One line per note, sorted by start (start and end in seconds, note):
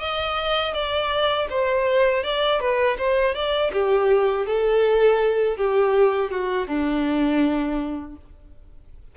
0.00 0.74 D#5
0.74 1.48 D5
1.50 2.24 C5
2.24 2.60 D5
2.60 2.97 B4
2.98 3.34 C5
3.34 3.71 D5
3.72 4.46 G4
4.46 5.57 A4
5.57 6.31 G4
6.31 6.68 F#4
6.68 8.16 D4